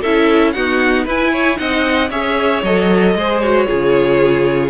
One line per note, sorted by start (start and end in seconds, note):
0.00 0.55 C#4
0.00 0.55 E4
0.00 0.52 A4
0.00 0.52 E5
0.52 1.07 B3
0.52 1.07 D#4
0.52 1.05 F#4
0.52 1.05 F#5
1.05 1.59 E4
1.05 1.56 E4
1.05 1.31 B4
1.05 1.58 G#5
1.32 1.58 C#5
1.56 2.11 C4
1.56 2.08 D#4
1.56 2.10 D#5
1.56 2.10 F#5
2.10 2.63 C#4
2.10 2.64 G#4
2.10 3.14 C#5
2.10 2.63 E5
2.63 3.15 F#3
2.63 3.18 A4
2.63 3.40 D#5
3.15 3.67 G#3
3.15 3.43 G#4
3.15 3.66 C5
3.40 3.67 F#4
3.40 4.70 C#5
3.66 4.70 C#3
3.66 4.70 F4
3.66 4.70 G#4